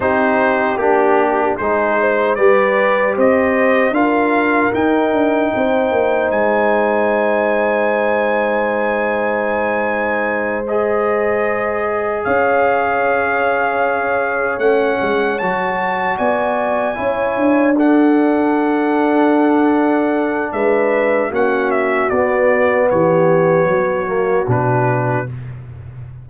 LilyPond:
<<
  \new Staff \with { instrumentName = "trumpet" } { \time 4/4 \tempo 4 = 76 c''4 g'4 c''4 d''4 | dis''4 f''4 g''2 | gis''1~ | gis''4. dis''2 f''8~ |
f''2~ f''8 fis''4 a''8~ | a''8 gis''2 fis''4.~ | fis''2 e''4 fis''8 e''8 | d''4 cis''2 b'4 | }
  \new Staff \with { instrumentName = "horn" } { \time 4/4 g'2 gis'8 c''8 b'4 | c''4 ais'2 c''4~ | c''1~ | c''2.~ c''8 cis''8~ |
cis''1~ | cis''8 d''4 cis''4 a'4.~ | a'2 b'4 fis'4~ | fis'4 g'4 fis'2 | }
  \new Staff \with { instrumentName = "trombone" } { \time 4/4 dis'4 d'4 dis'4 g'4~ | g'4 f'4 dis'2~ | dis'1~ | dis'4. gis'2~ gis'8~ |
gis'2~ gis'8 cis'4 fis'8~ | fis'4. e'4 d'4.~ | d'2. cis'4 | b2~ b8 ais8 d'4 | }
  \new Staff \with { instrumentName = "tuba" } { \time 4/4 c'4 ais4 gis4 g4 | c'4 d'4 dis'8 d'8 c'8 ais8 | gis1~ | gis2.~ gis8 cis'8~ |
cis'2~ cis'8 a8 gis8 fis8~ | fis8 b4 cis'8 d'2~ | d'2 gis4 ais4 | b4 e4 fis4 b,4 | }
>>